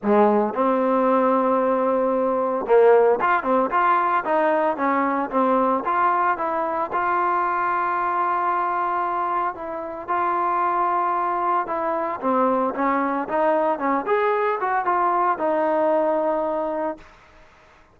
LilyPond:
\new Staff \with { instrumentName = "trombone" } { \time 4/4 \tempo 4 = 113 gis4 c'2.~ | c'4 ais4 f'8 c'8 f'4 | dis'4 cis'4 c'4 f'4 | e'4 f'2.~ |
f'2 e'4 f'4~ | f'2 e'4 c'4 | cis'4 dis'4 cis'8 gis'4 fis'8 | f'4 dis'2. | }